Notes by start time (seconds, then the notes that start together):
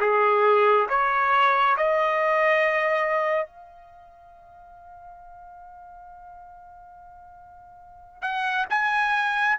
0.00 G#4
0.89 C#5
1.77 D#5
3.46 F5
8.22 F#5
8.70 G#5